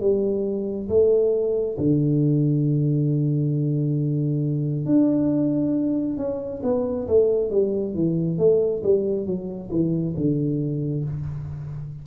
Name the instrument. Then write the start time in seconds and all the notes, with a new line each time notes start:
tuba
0.00 G3
0.89 A3
1.78 D3
4.85 D4
6.17 C#4
6.63 B3
7.07 A3
7.50 G3
7.94 E3
8.38 A3
8.83 G3
9.26 F#3
9.71 E3
10.16 D3